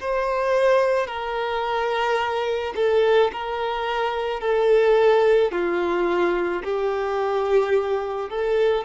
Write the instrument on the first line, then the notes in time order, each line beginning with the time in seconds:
violin
0.00 C5
1.07 A#4
2.76 A4
3.32 A#4
4.40 A4
5.52 F4
6.64 G4
8.29 A4